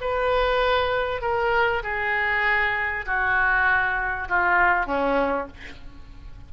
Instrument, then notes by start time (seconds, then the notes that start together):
oboe
0.00 B4
1.21 A#4
1.83 G#4
3.05 F#4
4.28 F4
4.86 C#4